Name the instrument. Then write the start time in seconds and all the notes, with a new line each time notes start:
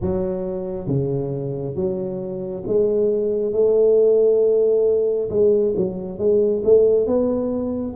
tuba
0.01 F#3
0.87 C#3
1.74 F#3
2.67 G#3
3.53 A3
5.29 G#3
5.76 F#3
6.18 G#3
6.64 A3
7.06 B3